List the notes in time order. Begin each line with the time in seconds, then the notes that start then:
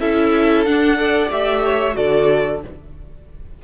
0.00 C#4 E4 A4 E5
0.65 D4 F#5
0.97 A4 D5
1.30 A3 G4 E5
1.64 C#5
1.93 D3 F#4 A4 D5